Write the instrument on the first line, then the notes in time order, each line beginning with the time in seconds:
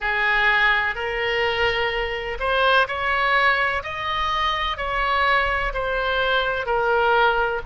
oboe
0.00 G#4
0.95 A#4
2.39 C5
2.87 C#5
3.83 D#5
4.77 C#5
5.73 C5
6.66 A#4